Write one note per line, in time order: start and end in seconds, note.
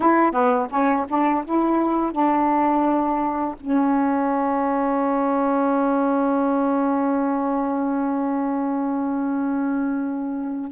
0.00 0.31 E4
0.31 0.67 B3
0.70 1.06 C#4
1.08 1.44 D4
1.44 2.12 E4
2.12 3.55 D4
3.59 10.71 C#4